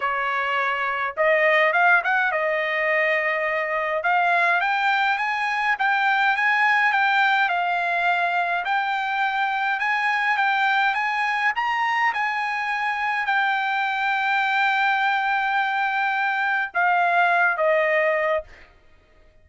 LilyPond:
\new Staff \with { instrumentName = "trumpet" } { \time 4/4 \tempo 4 = 104 cis''2 dis''4 f''8 fis''8 | dis''2. f''4 | g''4 gis''4 g''4 gis''4 | g''4 f''2 g''4~ |
g''4 gis''4 g''4 gis''4 | ais''4 gis''2 g''4~ | g''1~ | g''4 f''4. dis''4. | }